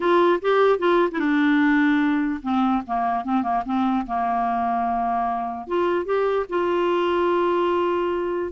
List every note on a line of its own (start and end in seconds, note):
0.00 0.40 F4
0.41 0.79 G4
0.79 1.09 F4
1.11 1.19 E4
1.19 2.40 D4
2.42 2.82 C4
2.86 3.24 A#3
3.24 3.42 C4
3.42 3.63 A#3
3.65 4.06 C4
4.06 5.67 A#3
5.67 6.05 F4
6.05 6.46 G4
6.49 8.51 F4